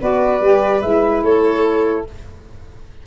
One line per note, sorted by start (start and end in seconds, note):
0.00 0.40 B3
0.00 0.41 F#4
0.00 1.23 B4
0.00 0.82 D5
0.40 0.81 G3
0.40 0.83 G4
0.82 1.23 G#3
0.82 2.06 E4
0.82 1.23 E5
1.23 2.05 A3
1.23 2.05 A4
1.23 2.06 C#5